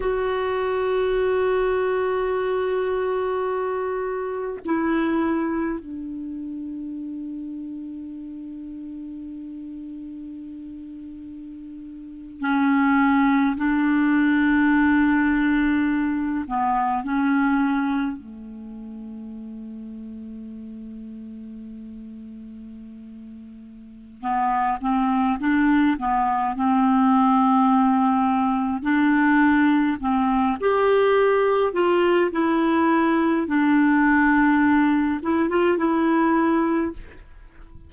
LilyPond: \new Staff \with { instrumentName = "clarinet" } { \time 4/4 \tempo 4 = 52 fis'1 | e'4 d'2.~ | d'2~ d'8. cis'4 d'16~ | d'2~ d'16 b8 cis'4 a16~ |
a1~ | a4 b8 c'8 d'8 b8 c'4~ | c'4 d'4 c'8 g'4 f'8 | e'4 d'4. e'16 f'16 e'4 | }